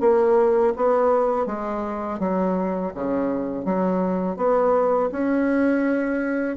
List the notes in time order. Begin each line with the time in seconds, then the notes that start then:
0.00 A#3
0.76 B3
1.46 G#3
2.19 F#3
2.94 C#3
3.65 F#3
4.36 B3
5.12 C#4